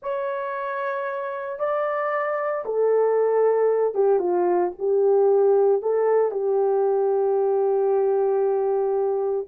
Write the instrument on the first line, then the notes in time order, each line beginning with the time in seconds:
horn
0.02 C#5
1.59 D5
2.65 A4
3.94 G4
4.19 F4
4.78 G4
5.82 A4
6.31 G4